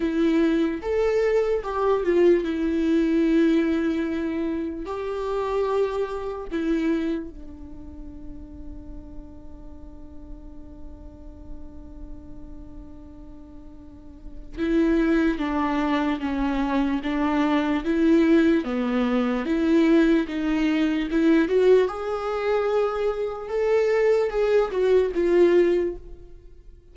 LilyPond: \new Staff \with { instrumentName = "viola" } { \time 4/4 \tempo 4 = 74 e'4 a'4 g'8 f'8 e'4~ | e'2 g'2 | e'4 d'2.~ | d'1~ |
d'2 e'4 d'4 | cis'4 d'4 e'4 b4 | e'4 dis'4 e'8 fis'8 gis'4~ | gis'4 a'4 gis'8 fis'8 f'4 | }